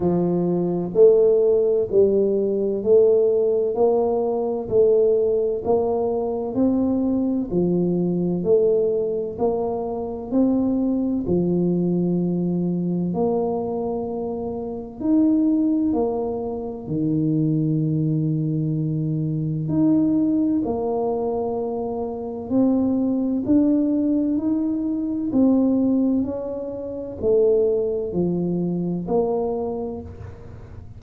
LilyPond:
\new Staff \with { instrumentName = "tuba" } { \time 4/4 \tempo 4 = 64 f4 a4 g4 a4 | ais4 a4 ais4 c'4 | f4 a4 ais4 c'4 | f2 ais2 |
dis'4 ais4 dis2~ | dis4 dis'4 ais2 | c'4 d'4 dis'4 c'4 | cis'4 a4 f4 ais4 | }